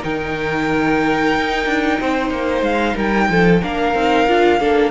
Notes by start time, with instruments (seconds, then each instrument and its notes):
0.00 cello D#3, viola D#4, violin A#4 G5
1.35 cello D#4
1.65 cello D4
2.00 cello C4, violin C5
2.30 cello A#3
2.62 cello G#3, violin F5
2.94 cello G3, violin A#4 G5
3.28 cello F3, violin A4
3.62 cello A#3, viola D4, violin A#4 F5
3.94 cello C4, viola D#4
4.27 cello D4, viola F4
4.60 cello A#3, viola D4, violin A4